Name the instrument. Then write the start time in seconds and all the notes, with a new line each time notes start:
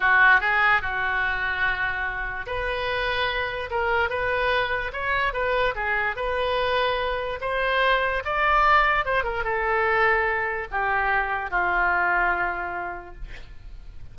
oboe
0.00 F#4
0.40 G#4
0.81 F#4
2.46 B4
3.70 A#4
4.09 B4
4.93 C#5
5.33 B4
5.75 G#4
6.16 B4
7.41 C5
8.24 D5
9.05 C5
9.23 A#4
9.44 A4
10.71 G4
11.50 F4